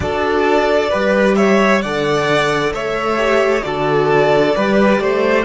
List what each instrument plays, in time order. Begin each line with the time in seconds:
0.00 cello D4, viola F#4, violin A4 D5
0.89 cello G3, viola G4, violin B4
1.35 violin C#5 E5
1.81 cello D3, viola A4, violin D5 F#5
2.72 cello A3, violin C#5 E5
3.16 viola G4
3.62 cello D3, viola F#4, violin A4 D5
4.54 cello G3, viola G4, violin B4
5.00 cello A3, violin C5